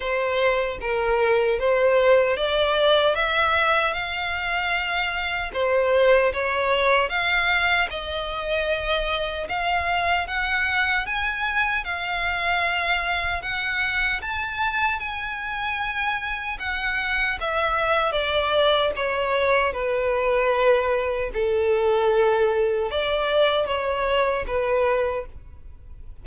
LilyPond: \new Staff \with { instrumentName = "violin" } { \time 4/4 \tempo 4 = 76 c''4 ais'4 c''4 d''4 | e''4 f''2 c''4 | cis''4 f''4 dis''2 | f''4 fis''4 gis''4 f''4~ |
f''4 fis''4 a''4 gis''4~ | gis''4 fis''4 e''4 d''4 | cis''4 b'2 a'4~ | a'4 d''4 cis''4 b'4 | }